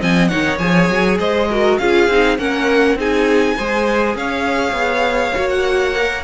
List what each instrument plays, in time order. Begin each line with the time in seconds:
0.00 cello F3, viola C4, violin D#5 G#5
0.28 cello D#3, viola D#4, violin C#5 F#5
0.58 cello F3, viola G#4, violin G#5
0.89 cello F#3
1.19 cello G#3, violin C5 D#5
1.50 viola F#4, violin A#4
1.78 cello C#4, viola F4, violin G#4 F5
2.09 cello C4, viola D#4
2.38 cello A#3, viola C#4, violin A#4 F#5
2.95 cello C4, viola D#4, violin G#4 G#5
3.56 cello G#3, viola G#4, violin C5
4.15 cello C#4, violin C#5 F5
4.72 cello B3
5.35 cello A#3, viola F#4
5.49 violin F#5
5.95 viola A#4